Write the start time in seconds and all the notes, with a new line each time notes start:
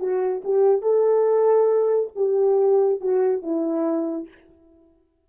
0.00 F#4
0.45 G4
0.82 A4
2.15 G4
3.01 F#4
3.42 E4